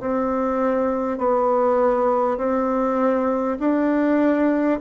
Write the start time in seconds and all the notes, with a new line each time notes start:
0.00 C4
1.18 B3
2.38 C4
3.59 D4